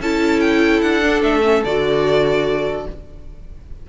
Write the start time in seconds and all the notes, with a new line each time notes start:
0.00 C#4 E4 A4 A5
0.40 G5
0.81 D4 F#5
1.01 D4
1.22 A3 E5
1.43 C#4
1.64 D3 F#4 D5